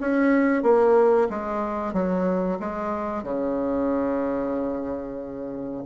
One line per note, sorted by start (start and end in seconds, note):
0.00 0.63 C#4
0.63 1.28 A#3
1.29 1.93 G#3
1.93 2.58 F#3
2.59 3.23 G#3
3.23 5.84 C#3